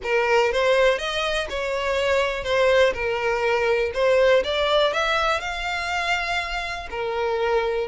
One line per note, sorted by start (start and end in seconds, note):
0.03 0.52 A#4
0.52 0.98 C5
0.98 1.47 D#5
1.49 2.43 C#5
2.43 2.93 C5
2.93 3.91 A#4
3.93 4.43 C5
4.44 4.93 D5
4.93 5.40 E5
5.40 6.87 F5
6.90 7.87 A#4